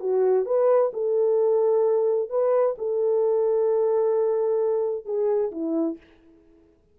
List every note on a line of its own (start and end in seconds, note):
0.00 0.45 F#4
0.45 0.91 B4
0.93 2.30 A4
2.30 2.75 B4
2.78 5.05 A4
5.05 5.51 G#4
5.51 5.97 E4